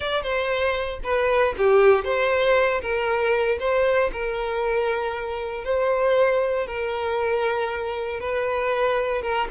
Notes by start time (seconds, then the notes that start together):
0.00 D5
0.22 C5
1.03 B4
1.57 G4
2.04 C5
2.81 A#4
3.59 C5
4.12 A#4
5.64 C5
6.66 A#4
8.20 B4
9.22 A#4